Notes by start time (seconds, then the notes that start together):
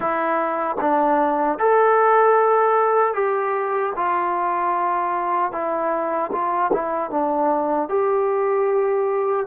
0.00 E4
0.80 D4
1.58 A4
3.14 G4
3.96 F4
5.52 E4
6.32 F4
6.72 E4
7.10 D4
7.88 G4